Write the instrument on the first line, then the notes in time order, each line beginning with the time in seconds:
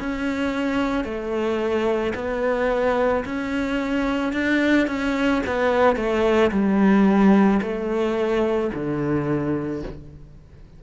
cello
0.00 C#4
1.04 A3
2.15 B3
3.25 C#4
4.33 D4
4.87 C#4
5.46 B3
5.96 A3
6.51 G3
7.62 A3
8.74 D3